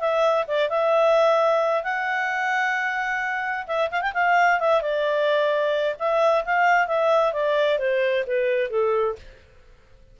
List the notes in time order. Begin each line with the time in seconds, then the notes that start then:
0.00 E5
0.48 D5
0.70 E5
1.83 F#5
3.67 E5
3.91 F5
4.02 G5
4.14 F5
4.60 E5
4.82 D5
5.99 E5
6.45 F5
6.87 E5
7.33 D5
7.79 C5
8.27 B4
8.70 A4